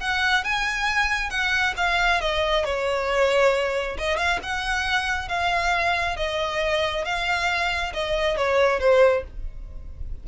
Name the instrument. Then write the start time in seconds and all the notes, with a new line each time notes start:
violin
0.00 F#5
0.44 G#5
1.30 F#5
1.76 F5
2.20 D#5
2.65 C#5
3.98 D#5
4.17 F5
4.43 F#5
5.28 F5
6.16 D#5
7.04 F5
7.93 D#5
8.36 C#5
8.79 C5